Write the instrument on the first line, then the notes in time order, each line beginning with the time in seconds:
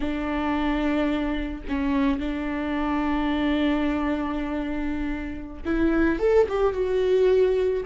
viola
0.00 D4
1.68 C#4
2.19 D4
5.65 E4
6.19 A4
6.49 G4
6.73 F#4